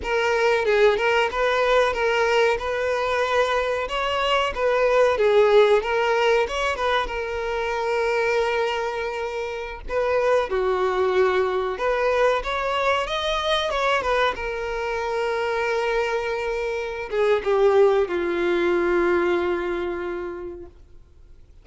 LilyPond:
\new Staff \with { instrumentName = "violin" } { \time 4/4 \tempo 4 = 93 ais'4 gis'8 ais'8 b'4 ais'4 | b'2 cis''4 b'4 | gis'4 ais'4 cis''8 b'8 ais'4~ | ais'2.~ ais'16 b'8.~ |
b'16 fis'2 b'4 cis''8.~ | cis''16 dis''4 cis''8 b'8 ais'4.~ ais'16~ | ais'2~ ais'8 gis'8 g'4 | f'1 | }